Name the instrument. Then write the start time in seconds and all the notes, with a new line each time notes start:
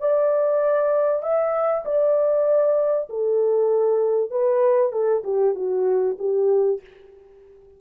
horn
0.00 D5
1.22 E5
1.85 D5
3.10 A4
4.30 B4
4.92 A4
5.24 G4
5.55 F#4
6.19 G4